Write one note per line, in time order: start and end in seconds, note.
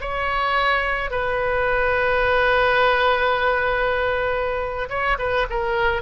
0.00 1.10 C#5
1.10 4.89 B4
4.89 5.17 C#5
5.18 5.46 B4
5.49 6.02 A#4